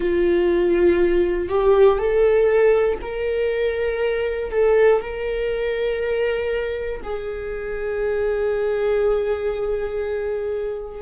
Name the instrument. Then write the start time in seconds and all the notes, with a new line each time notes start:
viola
0.00 F4
1.48 G4
1.98 A4
3.01 A#4
4.51 A4
5.01 A#4
7.03 G#4